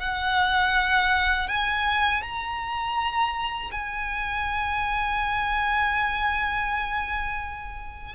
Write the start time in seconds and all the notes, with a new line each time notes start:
0.00 F#5
1.48 G#5
2.23 A#5
3.71 G#5